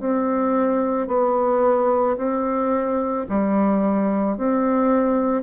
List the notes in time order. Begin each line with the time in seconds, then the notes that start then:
0.00 C4
1.08 B3
2.17 C4
3.29 G3
4.38 C4